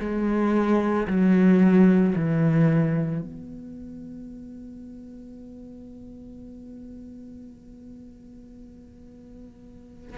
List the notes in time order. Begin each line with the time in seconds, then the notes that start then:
0.00 G#3
1.07 F#3
2.15 E3
3.21 B3